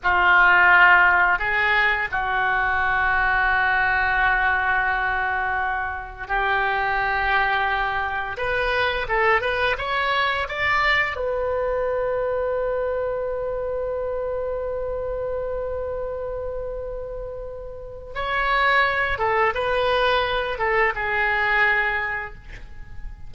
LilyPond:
\new Staff \with { instrumentName = "oboe" } { \time 4/4 \tempo 4 = 86 f'2 gis'4 fis'4~ | fis'1~ | fis'4 g'2. | b'4 a'8 b'8 cis''4 d''4 |
b'1~ | b'1~ | b'2 cis''4. a'8 | b'4. a'8 gis'2 | }